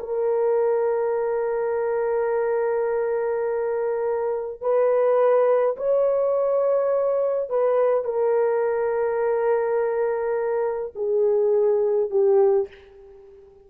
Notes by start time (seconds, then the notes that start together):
0.00 A#4
4.62 B4
5.77 C#5
7.50 B4
8.05 A#4
10.96 G#4
12.11 G4